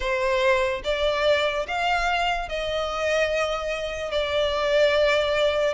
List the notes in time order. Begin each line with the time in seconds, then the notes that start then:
0.00 C5
0.84 D5
1.67 F5
2.48 D#5
4.11 D5